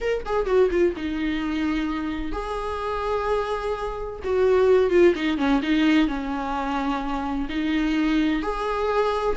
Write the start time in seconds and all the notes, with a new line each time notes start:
0.00 A#4
0.25 G#4
0.46 F#4
0.70 F4
0.96 D#4
2.32 G#4
4.23 F#4
4.90 F4
5.15 D#4
5.37 C#4
5.62 D#4
6.07 C#4
7.49 D#4
8.42 G#4